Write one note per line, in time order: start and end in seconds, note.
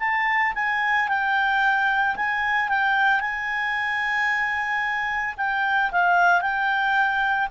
0.00 0.54 A5
0.55 1.09 G#5
1.09 2.16 G5
2.16 2.69 G#5
2.69 3.21 G5
3.21 5.35 G#5
5.37 5.91 G5
5.92 6.41 F5
6.41 7.49 G5